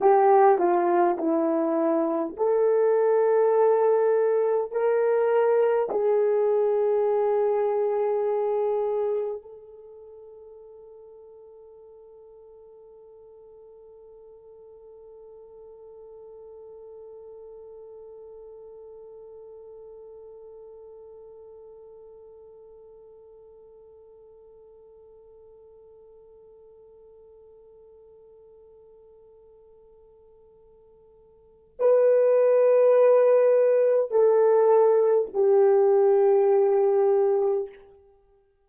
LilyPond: \new Staff \with { instrumentName = "horn" } { \time 4/4 \tempo 4 = 51 g'8 f'8 e'4 a'2 | ais'4 gis'2. | a'1~ | a'1~ |
a'1~ | a'1~ | a'2. b'4~ | b'4 a'4 g'2 | }